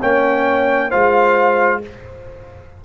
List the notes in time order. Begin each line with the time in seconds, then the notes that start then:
0.00 A#3 C#4 C#5 G5
0.89 G#3 F4 C5 F5